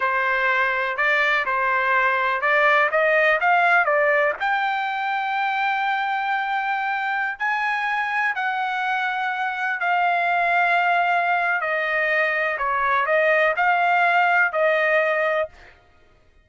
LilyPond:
\new Staff \with { instrumentName = "trumpet" } { \time 4/4 \tempo 4 = 124 c''2 d''4 c''4~ | c''4 d''4 dis''4 f''4 | d''4 g''2.~ | g''2.~ g''16 gis''8.~ |
gis''4~ gis''16 fis''2~ fis''8.~ | fis''16 f''2.~ f''8. | dis''2 cis''4 dis''4 | f''2 dis''2 | }